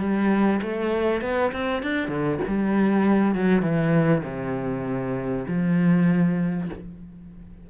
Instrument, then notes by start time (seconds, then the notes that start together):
cello
0.00 G3
0.62 A3
1.22 B3
1.52 C4
1.83 D4
2.09 D3
2.47 G3
3.35 F#3
3.62 E3
4.24 C3
5.48 F3